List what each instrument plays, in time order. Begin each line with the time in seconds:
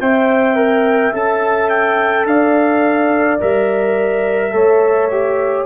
0.00 tuba C4, trombone C5, horn E5, trumpet G5
0.55 trombone A#4
1.12 tuba C#4, trombone A4, trumpet A5
1.69 trumpet G5
2.25 tuba D4, horn D5, trumpet F5
3.39 tuba G3, trombone A#4, trumpet E5
4.51 tuba A3, trombone A4, horn C#5
5.11 trombone G4